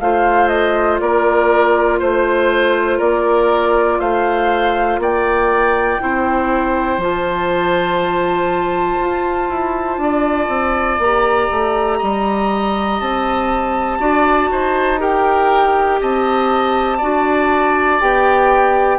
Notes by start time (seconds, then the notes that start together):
0.00 A3 F4 C5 F5
0.48 D#5
0.99 A#3 A#4 D5
1.99 A3 C5
2.98 A#3 A#4 D5
3.99 A3 C5 F5
4.98 A#3 D5 G5
6.00 C4 E4 C5
6.97 F3 F4 A5
9.00 F4
9.49 E4
9.97 D4 D5
10.48 C4
10.99 A#3 G4 A#5
11.51 A3
11.98 G3 D#5
13.00 C4 A5
13.99 D4 F#4 D5
14.51 D#4 C5
14.98 G4 A#4 G5
16.01 C4 D#5 A5
16.98 D4 F#4 D5
18.00 B3 G4 G5